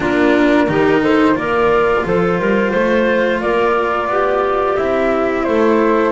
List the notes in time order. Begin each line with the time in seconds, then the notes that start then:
0.00 A#3 D4 F4 A#4
0.67 D#3 D#4 G4
1.00 A4 C5
1.35 A#3 F4 A#4 D5
2.05 F3 A4 C5
2.38 G3 A#4
2.71 A3 C5
3.40 A#3 A#4 D5
4.08 B3 G4
4.76 C4 E4 E5
5.44 A3 A4 C5